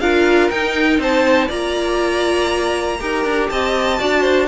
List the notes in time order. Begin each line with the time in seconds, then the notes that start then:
0.00 D4 F4 A#4 F5
0.50 D#4 G5
0.98 C4 C5 A5
1.48 A#3 F4 D5 A#5
3.00 D#4 G4 A#4
3.25 D4
3.49 C4 D#5 A5
3.99 D4 F#4 D5
4.21 C5